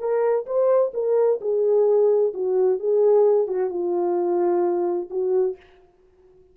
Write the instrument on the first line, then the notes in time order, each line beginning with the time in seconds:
horn
0.00 A#4
0.47 C5
0.94 A#4
1.41 G#4
2.34 F#4
2.80 G#4
3.48 F#4
3.70 F4
5.11 F#4